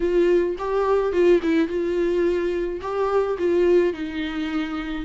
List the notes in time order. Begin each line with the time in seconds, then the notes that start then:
0.00 F4
0.58 G4
1.12 F4
1.42 E4
1.67 F4
2.81 G4
3.38 F4
3.93 D#4